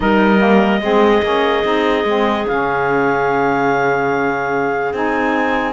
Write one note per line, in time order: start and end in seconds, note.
0.00 0.80 G3
0.00 0.39 D#4
0.00 0.82 A#4
0.00 2.46 D#5
0.39 0.80 A#3
0.80 1.21 G#3
0.80 1.23 C4
0.80 5.72 G#4
1.22 1.64 A#3
1.22 1.64 C#4
1.64 2.04 C4
1.64 2.05 D#4
2.04 2.45 G#3
2.04 2.47 C4
2.47 4.93 C#3
2.47 4.94 C#4
2.47 4.93 F5
4.93 5.72 C4
4.93 5.72 D#4
4.93 5.72 G#5